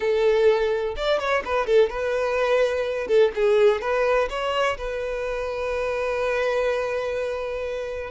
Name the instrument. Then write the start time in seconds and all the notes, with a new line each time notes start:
violin
0.00 A4
0.96 D5
1.19 C#5
1.44 B4
1.66 A4
1.89 B4
3.07 A4
3.35 G#4
3.81 B4
4.29 C#5
4.77 B4